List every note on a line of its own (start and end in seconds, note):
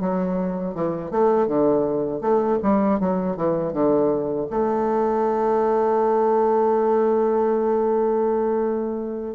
0.00 0.74 F#3
0.74 1.11 E3
1.11 1.47 A3
1.47 2.21 D3
2.21 2.58 A3
2.62 3.00 G3
3.00 3.37 F#3
3.37 3.73 E3
3.73 4.48 D3
4.50 9.35 A3